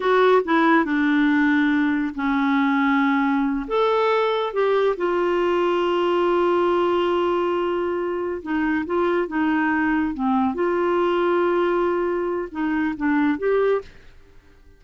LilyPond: \new Staff \with { instrumentName = "clarinet" } { \time 4/4 \tempo 4 = 139 fis'4 e'4 d'2~ | d'4 cis'2.~ | cis'8 a'2 g'4 f'8~ | f'1~ |
f'2.~ f'8 dis'8~ | dis'8 f'4 dis'2 c'8~ | c'8 f'2.~ f'8~ | f'4 dis'4 d'4 g'4 | }